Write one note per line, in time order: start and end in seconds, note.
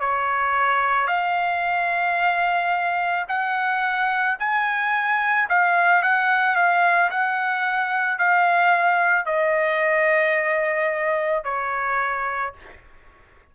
0.00 1.08 C#5
1.08 3.26 F5
3.28 4.37 F#5
4.40 5.49 G#5
5.49 6.03 F5
6.03 6.56 F#5
6.56 7.10 F5
7.11 8.19 F#5
8.19 9.26 F5
9.26 11.44 D#5
11.44 12.54 C#5